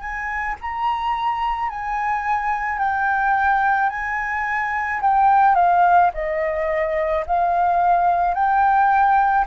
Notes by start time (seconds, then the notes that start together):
0.00 G#5
0.61 A#5
1.69 G#5
2.78 G5
3.89 G#5
5.02 G5
5.55 F5
6.14 D#5
7.26 F5
8.34 G5